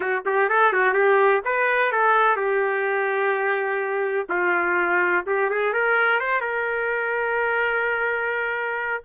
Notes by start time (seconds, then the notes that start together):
0.00 F#4
0.25 G4
0.49 A4
0.73 F#4
0.93 G4
1.45 B4
1.92 A4
2.36 G4
4.29 F4
5.26 G4
5.49 G#4
5.73 A#4
6.20 C5
6.40 A#4